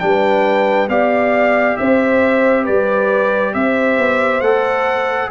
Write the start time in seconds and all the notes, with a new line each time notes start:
0.00 G3 D4 B4 G5
0.89 B3 G4 D5 F5
1.77 C4 C5 E5
2.64 G3 B4 D5
3.54 C4 C5 E5
3.98 B3
4.41 A3 A4 F#5